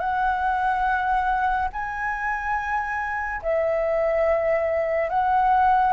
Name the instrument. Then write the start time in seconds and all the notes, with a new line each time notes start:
flute
0.00 F#5
1.73 G#5
3.43 E5
5.09 F#5